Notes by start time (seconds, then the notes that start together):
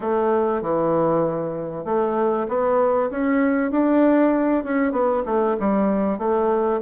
0.00 A3
0.61 E3
1.84 A3
2.48 B3
3.10 C#4
3.71 D4
4.64 C#4
4.92 B3
5.25 A3
5.59 G3
6.18 A3